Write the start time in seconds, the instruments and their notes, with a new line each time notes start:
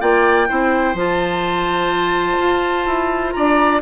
0.00 bassoon A#3, clarinet F4, oboe D5, flute G5
0.48 bassoon C4, clarinet E4, oboe C5
0.94 bassoon F3, clarinet F4, flute A5
2.39 bassoon F4
2.86 bassoon E4
3.32 bassoon D4, oboe D5, flute A#5